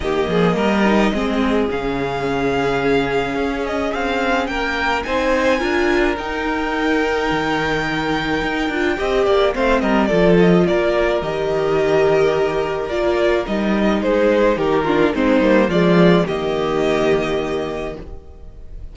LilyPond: <<
  \new Staff \with { instrumentName = "violin" } { \time 4/4 \tempo 4 = 107 dis''2. f''4~ | f''2~ f''8 dis''8 f''4 | g''4 gis''2 g''4~ | g''1~ |
g''4 f''8 dis''8 d''8 dis''8 d''4 | dis''2. d''4 | dis''4 c''4 ais'4 c''4 | d''4 dis''2. | }
  \new Staff \with { instrumentName = "violin" } { \time 4/4 g'8 gis'8 ais'4 gis'2~ | gis'1 | ais'4 c''4 ais'2~ | ais'1 |
dis''8 d''8 c''8 ais'8 a'4 ais'4~ | ais'1~ | ais'4 gis'4 g'8 f'8 dis'4 | f'4 g'2. | }
  \new Staff \with { instrumentName = "viola" } { \time 4/4 ais4. dis'8 c'4 cis'4~ | cis'1~ | cis'4 dis'4 f'4 dis'4~ | dis'2.~ dis'8 f'8 |
g'4 c'4 f'2 | g'2. f'4 | dis'2~ dis'8 d'8 c'8 ais8 | gis4 ais2. | }
  \new Staff \with { instrumentName = "cello" } { \time 4/4 dis8 f8 g4 gis4 cis4~ | cis2 cis'4 c'4 | ais4 c'4 d'4 dis'4~ | dis'4 dis2 dis'8 d'8 |
c'8 ais8 a8 g8 f4 ais4 | dis2. ais4 | g4 gis4 dis4 gis8 g8 | f4 dis2. | }
>>